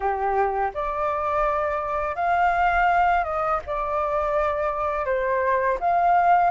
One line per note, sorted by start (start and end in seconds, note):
0.00 0.71 G4
0.74 2.15 D5
2.15 3.23 F5
3.23 3.59 D#5
3.66 5.05 D5
5.05 5.78 C5
5.80 6.50 F5